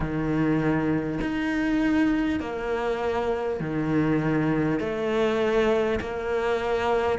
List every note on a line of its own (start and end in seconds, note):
0.00 1.19 D#3
1.21 2.40 D#4
2.40 3.59 A#3
3.59 4.79 D#3
4.79 5.99 A3
6.00 7.18 A#3